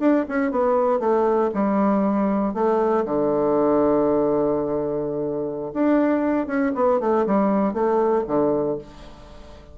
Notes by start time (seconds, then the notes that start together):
0.00 D4
0.29 C#4
0.52 B3
1.00 A3
1.54 G3
2.54 A3
3.06 D3
5.74 D4
6.47 C#4
6.75 B3
7.01 A3
7.27 G3
7.74 A3
8.28 D3